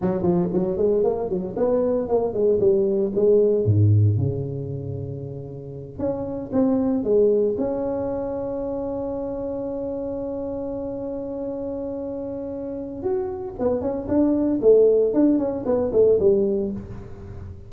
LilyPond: \new Staff \with { instrumentName = "tuba" } { \time 4/4 \tempo 4 = 115 fis8 f8 fis8 gis8 ais8 fis8 b4 | ais8 gis8 g4 gis4 gis,4 | cis2.~ cis8 cis'8~ | cis'8 c'4 gis4 cis'4.~ |
cis'1~ | cis'1~ | cis'4 fis'4 b8 cis'8 d'4 | a4 d'8 cis'8 b8 a8 g4 | }